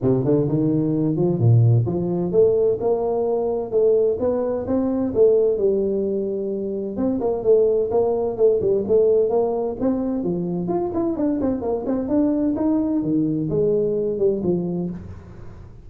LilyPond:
\new Staff \with { instrumentName = "tuba" } { \time 4/4 \tempo 4 = 129 c8 d8 dis4. f8 ais,4 | f4 a4 ais2 | a4 b4 c'4 a4 | g2. c'8 ais8 |
a4 ais4 a8 g8 a4 | ais4 c'4 f4 f'8 e'8 | d'8 c'8 ais8 c'8 d'4 dis'4 | dis4 gis4. g8 f4 | }